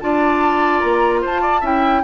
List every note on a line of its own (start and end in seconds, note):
0.00 0.83 D4
0.00 1.62 F4
0.00 1.21 D5
0.00 0.79 A5
0.79 1.24 A#3
0.79 1.20 A#5
1.21 1.62 F4
1.21 1.41 C5
1.21 1.65 A5
1.41 1.60 D5
1.60 2.03 C#4
1.60 2.02 E4
1.60 2.01 E5
1.60 2.04 G5